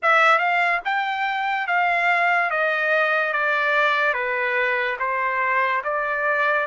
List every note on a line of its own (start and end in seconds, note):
0.02 0.38 E5
0.38 0.80 F5
0.84 1.67 G5
1.67 2.50 F5
2.50 3.32 D#5
3.32 4.13 D5
4.13 4.97 B4
4.98 5.82 C5
5.84 6.67 D5